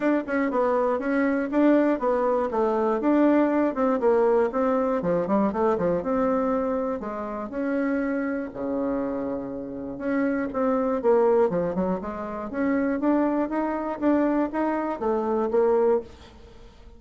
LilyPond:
\new Staff \with { instrumentName = "bassoon" } { \time 4/4 \tempo 4 = 120 d'8 cis'8 b4 cis'4 d'4 | b4 a4 d'4. c'8 | ais4 c'4 f8 g8 a8 f8 | c'2 gis4 cis'4~ |
cis'4 cis2. | cis'4 c'4 ais4 f8 fis8 | gis4 cis'4 d'4 dis'4 | d'4 dis'4 a4 ais4 | }